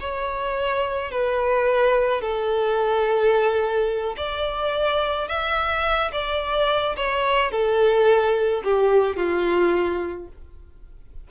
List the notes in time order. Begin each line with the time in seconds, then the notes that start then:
0.00 C#5
1.11 B4
2.21 A4
4.17 D5
5.28 E5
6.12 D5
6.96 C#5
7.51 A4
8.64 G4
9.16 F4